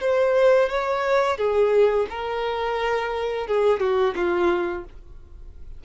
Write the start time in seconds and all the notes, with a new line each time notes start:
0.00 C5
0.69 C#5
1.38 G#4
2.10 A#4
3.47 G#4
3.80 F#4
4.15 F4